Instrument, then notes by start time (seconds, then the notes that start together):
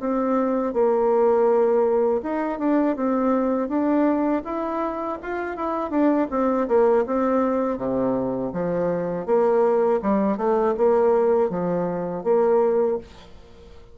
bassoon
0.00 C4
0.73 A#3
2.23 D#4
2.59 D4
2.96 C4
3.69 D4
4.45 E4
5.23 F4
5.57 E4
5.91 D4
6.31 C4
6.68 A#3
7.07 C4
7.78 C3
8.53 F3
9.26 A#3
10.02 G3
10.38 A3
10.77 A#3
11.50 F3
12.24 A#3